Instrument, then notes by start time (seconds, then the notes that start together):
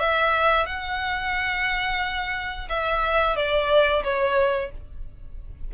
violin
0.00 E5
0.66 F#5
2.69 E5
3.36 D5
4.04 C#5